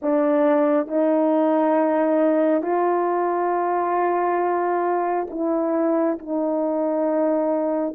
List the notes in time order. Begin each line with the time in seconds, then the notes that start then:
0.02 D4
0.87 D#4
2.62 F4
5.30 E4
6.18 D#4